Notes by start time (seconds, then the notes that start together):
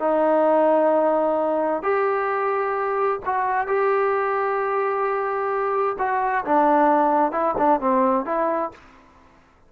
0.00 D#4
1.83 G4
3.26 F#4
3.68 G4
5.99 F#4
6.45 D4
7.32 E4
7.58 D4
7.80 C4
8.26 E4